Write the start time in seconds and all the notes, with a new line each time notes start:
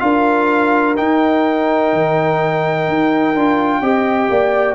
0.00 D4 F4 A#4 F5
0.97 D#4 G5
1.93 D#3
2.88 D#4
3.35 D4 F4
3.81 C4 G4 D#5
4.30 A#3 D5